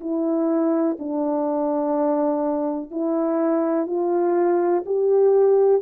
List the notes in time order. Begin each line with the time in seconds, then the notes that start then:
0.00 E4
0.99 D4
2.91 E4
3.86 F4
4.86 G4